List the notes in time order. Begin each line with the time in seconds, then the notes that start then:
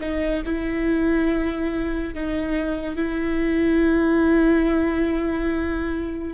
0.00 D#4
0.45 E4
2.14 D#4
2.95 E4